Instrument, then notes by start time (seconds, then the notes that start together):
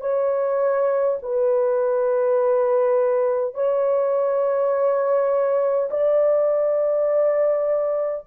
horn
0.00 C#5
1.22 B4
3.55 C#5
5.90 D5